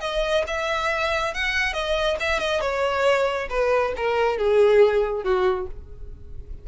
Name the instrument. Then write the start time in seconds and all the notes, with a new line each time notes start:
violin
0.00 D#5
0.47 E5
1.34 F#5
1.73 D#5
2.20 E5
2.39 D#5
2.61 C#5
3.49 B4
3.96 A#4
4.38 G#4
5.23 F#4